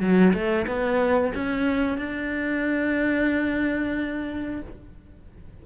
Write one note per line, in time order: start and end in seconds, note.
0.00 0.33 F#3
0.33 0.66 A3
0.67 1.33 B3
1.34 1.98 C#4
1.98 4.62 D4